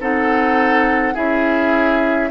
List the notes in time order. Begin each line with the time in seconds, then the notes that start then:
0.00 C4 D#4 A4 F#5
1.14 C#4 E4 G#4 E5